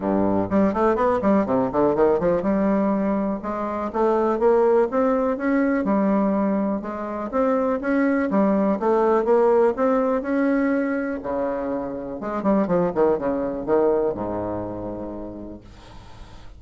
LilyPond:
\new Staff \with { instrumentName = "bassoon" } { \time 4/4 \tempo 4 = 123 g,4 g8 a8 b8 g8 c8 d8 | dis8 f8 g2 gis4 | a4 ais4 c'4 cis'4 | g2 gis4 c'4 |
cis'4 g4 a4 ais4 | c'4 cis'2 cis4~ | cis4 gis8 g8 f8 dis8 cis4 | dis4 gis,2. | }